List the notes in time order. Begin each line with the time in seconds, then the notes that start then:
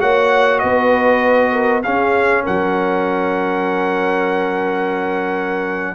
0.00 A#3 F#4 C#5 F#5
0.59 B3 B4 D#5
1.52 A#4
1.83 C#4 G#4 F5
2.44 F#3 A#4 F#5